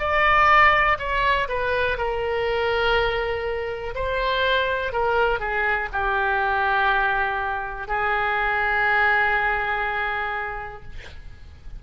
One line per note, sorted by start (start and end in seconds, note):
0.00 0.98 D5
0.99 1.48 C#5
1.49 1.98 B4
1.98 3.95 A#4
3.95 4.93 C5
4.93 5.40 A#4
5.40 5.89 G#4
5.93 7.88 G4
7.88 10.83 G#4